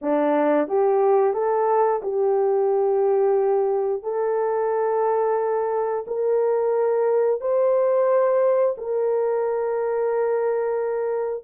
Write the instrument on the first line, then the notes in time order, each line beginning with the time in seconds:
horn
0.01 D4
0.67 G4
1.33 A4
2.02 G4
4.03 A4
6.07 A#4
7.40 C5
8.77 A#4